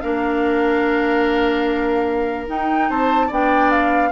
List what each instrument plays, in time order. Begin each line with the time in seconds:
0.00 bassoon A#3, clarinet D4, oboe A#4, flute F5
2.47 clarinet D#4, bassoon D#4, flute G5
2.89 bassoon C4, oboe C5, flute A5
3.26 bassoon B3, clarinet D4, oboe D5, flute G5
3.70 flute F5